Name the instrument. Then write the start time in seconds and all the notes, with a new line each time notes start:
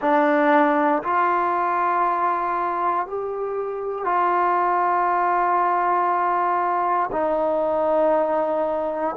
trombone
0.01 D4
1.03 F4
3.06 G4
4.04 F4
7.12 D#4